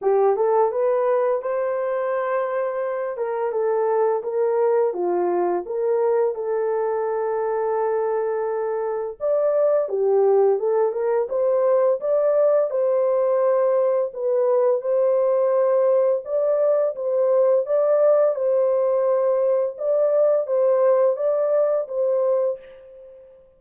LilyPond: \new Staff \with { instrumentName = "horn" } { \time 4/4 \tempo 4 = 85 g'8 a'8 b'4 c''2~ | c''8 ais'8 a'4 ais'4 f'4 | ais'4 a'2.~ | a'4 d''4 g'4 a'8 ais'8 |
c''4 d''4 c''2 | b'4 c''2 d''4 | c''4 d''4 c''2 | d''4 c''4 d''4 c''4 | }